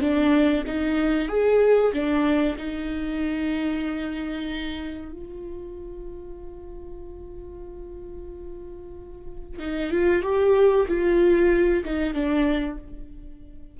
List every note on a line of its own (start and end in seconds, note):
0.00 0.64 D4
0.66 1.28 D#4
1.28 1.92 G#4
1.92 2.56 D4
2.57 5.12 D#4
5.12 9.59 F4
9.59 9.91 D#4
9.91 10.22 F4
10.22 10.86 G4
10.88 11.83 F4
11.84 12.13 D#4
12.13 12.77 D4